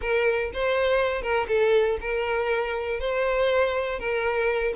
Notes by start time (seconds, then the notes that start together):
0.01 A#4
0.53 C5
1.21 A#4
1.48 A4
2.00 A#4
3.00 C5
3.99 A#4